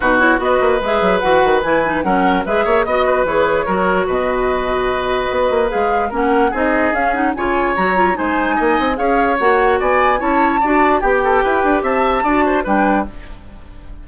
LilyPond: <<
  \new Staff \with { instrumentName = "flute" } { \time 4/4 \tempo 4 = 147 b'8 cis''8 dis''4 e''4 fis''4 | gis''4 fis''4 e''4 dis''4 | cis''2 dis''2~ | dis''2 f''4 fis''4 |
dis''4 f''8 fis''8 gis''4 ais''4 | gis''2 f''4 fis''4 | gis''4 a''2 g''4~ | g''4 a''2 g''4 | }
  \new Staff \with { instrumentName = "oboe" } { \time 4/4 fis'4 b'2.~ | b'4 ais'4 b'8 cis''8 dis''8 b'8~ | b'4 ais'4 b'2~ | b'2. ais'4 |
gis'2 cis''2 | c''4 dis''4 cis''2 | d''4 cis''4 d''4 g'8 a'8 | b'4 e''4 d''8 c''8 b'4 | }
  \new Staff \with { instrumentName = "clarinet" } { \time 4/4 dis'8 e'8 fis'4 gis'4 fis'4 | e'8 dis'8 cis'4 gis'4 fis'4 | gis'4 fis'2.~ | fis'2 gis'4 cis'4 |
dis'4 cis'8 dis'8 f'4 fis'8 f'8 | dis'2 gis'4 fis'4~ | fis'4 e'4 fis'4 g'4~ | g'2 fis'4 d'4 | }
  \new Staff \with { instrumentName = "bassoon" } { \time 4/4 b,4 b8 ais8 gis8 fis8 e8 dis8 | e4 fis4 gis8 ais8 b4 | e4 fis4 b,2~ | b,4 b8 ais8 gis4 ais4 |
c'4 cis'4 cis4 fis4 | gis4 ais8 c'8 cis'4 ais4 | b4 cis'4 d'4 b4 | e'8 d'8 c'4 d'4 g4 | }
>>